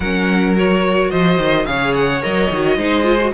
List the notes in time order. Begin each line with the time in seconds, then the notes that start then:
0.00 F#3 C#4 A#4 F#5
0.56 F#4 C#5
1.10 F3 C5 D#5
1.38 D#3
1.66 C#3 G#4 C#5 F5
1.94 F#5
2.22 F#3 A#4 D#5
2.50 D#3 F#4
2.77 G#3 D#4 C5
3.03 F4
3.20 F#4